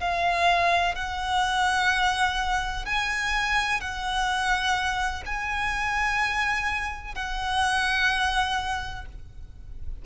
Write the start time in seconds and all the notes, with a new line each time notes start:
0.00 F5
0.95 F#5
2.85 G#5
3.80 F#5
5.26 G#5
7.15 F#5